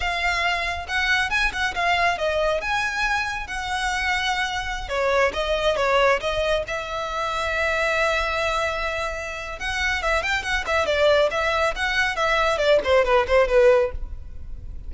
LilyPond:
\new Staff \with { instrumentName = "violin" } { \time 4/4 \tempo 4 = 138 f''2 fis''4 gis''8 fis''8 | f''4 dis''4 gis''2 | fis''2.~ fis''16 cis''8.~ | cis''16 dis''4 cis''4 dis''4 e''8.~ |
e''1~ | e''2 fis''4 e''8 g''8 | fis''8 e''8 d''4 e''4 fis''4 | e''4 d''8 c''8 b'8 c''8 b'4 | }